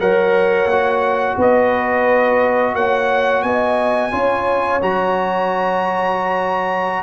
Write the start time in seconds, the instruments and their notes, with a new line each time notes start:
0.00 tuba F#3, trombone A#4, horn C#5, trumpet F#5
0.65 tuba A#3
0.71 trombone F#4
1.37 tuba B3, horn B4, trumpet D#5
2.75 tuba A#3, horn C#5, trumpet F#5
3.42 tuba B3, horn D#5, trumpet G#5
4.12 tuba C#4, trombone F4, horn C#5
4.82 tuba F#3, trombone F#4, trumpet A#5